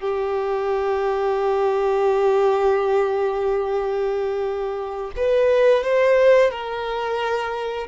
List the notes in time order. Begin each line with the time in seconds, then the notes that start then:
0.00 G4
5.16 B4
5.84 C5
6.51 A#4